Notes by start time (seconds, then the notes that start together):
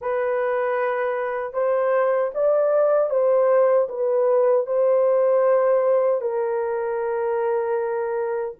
0.01 B4
1.53 C5
2.34 D5
3.10 C5
3.88 B4
4.66 C5
6.21 A#4